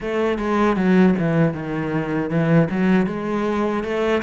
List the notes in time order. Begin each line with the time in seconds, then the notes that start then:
0.00 A3
0.38 G#3
0.76 F#3
1.19 E3
1.53 D#3
2.29 E3
2.70 F#3
3.06 G#3
3.83 A3